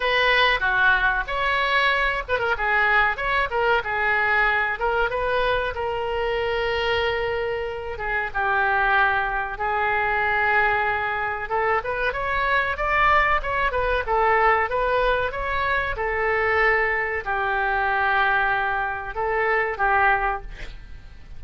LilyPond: \new Staff \with { instrumentName = "oboe" } { \time 4/4 \tempo 4 = 94 b'4 fis'4 cis''4. b'16 ais'16 | gis'4 cis''8 ais'8 gis'4. ais'8 | b'4 ais'2.~ | ais'8 gis'8 g'2 gis'4~ |
gis'2 a'8 b'8 cis''4 | d''4 cis''8 b'8 a'4 b'4 | cis''4 a'2 g'4~ | g'2 a'4 g'4 | }